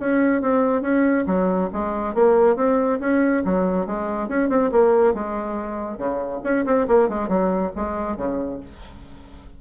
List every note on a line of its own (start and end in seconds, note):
0.00 0.42 C#4
0.42 0.82 C4
0.82 1.25 C#4
1.27 1.70 F#3
1.73 2.15 G#3
2.15 2.56 A#3
2.56 3.00 C4
3.01 3.44 C#4
3.45 3.87 F#3
3.87 4.29 G#3
4.29 4.50 C#4
4.50 4.71 C4
4.72 5.15 A#3
5.15 5.98 G#3
5.98 6.41 C#3
6.44 6.66 C#4
6.66 6.88 C4
6.88 7.09 A#3
7.09 7.29 G#3
7.29 7.72 F#3
7.76 8.17 G#3
8.17 8.61 C#3